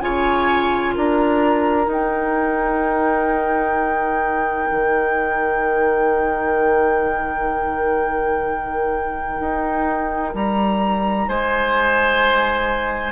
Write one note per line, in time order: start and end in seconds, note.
0.00 0.95 C#3
0.00 1.87 F4
0.00 0.95 C#5
0.00 0.94 G#5
0.95 1.87 D4
0.95 11.26 A#4
0.95 1.91 A#5
1.87 4.68 D#4
1.87 13.12 D#4
1.87 10.35 G5
4.71 9.40 D#3
9.40 10.34 D#4
10.34 11.28 G3
10.34 11.29 A#5
11.28 13.12 G#3
11.28 13.12 C5
11.28 13.12 G#5